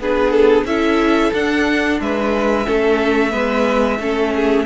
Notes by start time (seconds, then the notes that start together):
0.00 B3 D4 G#4 B4
0.31 A4
0.64 C#4 E4 A4 E5
1.33 D4 F#5
2.00 G#3 B4 E5
2.66 A3 C#4 A4
3.32 G#3 B3 B4
3.99 A3 C#4 A4
4.36 G#4